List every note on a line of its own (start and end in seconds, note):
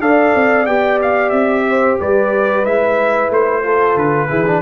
0.00 0.33 D4
0.00 0.67 A4
0.00 1.66 D5
0.00 0.66 F5
0.35 0.67 C4
0.66 1.32 B3
0.66 2.65 G4
0.66 0.99 G5
1.02 1.30 F5
1.30 1.98 C4
1.30 1.96 E5
1.69 2.00 C5
2.00 2.66 G3
2.00 3.65 B4
2.00 2.65 D5
2.65 3.30 G#3
2.65 3.63 E4
2.65 3.31 E5
3.30 3.95 A3
3.30 3.98 C5
3.63 4.29 F4
3.63 4.29 A4
3.95 4.28 D3
3.95 4.62 B4
4.29 4.62 E3
4.29 4.45 E4
4.29 4.62 G#4
4.47 4.62 D4